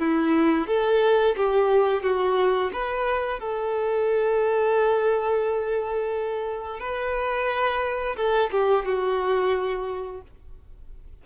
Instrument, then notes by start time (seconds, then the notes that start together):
violin
0.00 E4
0.68 A4
1.37 G4
2.03 F#4
2.73 B4
3.40 A4
6.80 B4
8.17 A4
8.52 G4
8.86 F#4